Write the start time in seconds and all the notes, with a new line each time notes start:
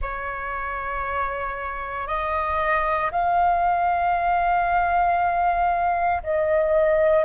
0.01 C#5
2.07 D#5
3.11 F5
6.23 D#5